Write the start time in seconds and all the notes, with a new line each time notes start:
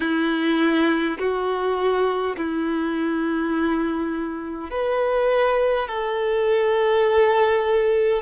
0.00 E4
1.18 F#4
2.36 E4
4.70 B4
5.88 A4